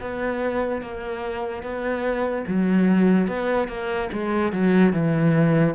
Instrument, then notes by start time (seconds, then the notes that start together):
cello
0.00 B3
0.81 A#3
1.63 B3
2.47 F#3
3.27 B3
3.68 A#3
4.12 G#3
4.52 F#3
4.93 E3